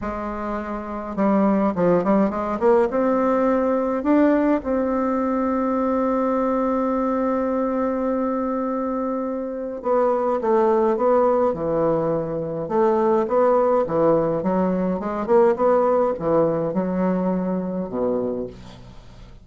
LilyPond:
\new Staff \with { instrumentName = "bassoon" } { \time 4/4 \tempo 4 = 104 gis2 g4 f8 g8 | gis8 ais8 c'2 d'4 | c'1~ | c'1~ |
c'4 b4 a4 b4 | e2 a4 b4 | e4 fis4 gis8 ais8 b4 | e4 fis2 b,4 | }